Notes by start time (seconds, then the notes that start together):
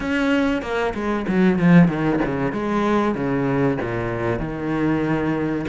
0.00 C#4
0.61 A#3
0.94 G#3
1.27 F#3
1.58 F3
1.88 D#3
2.24 C#3
2.52 G#3
3.14 C#3
3.81 A#2
4.39 D#3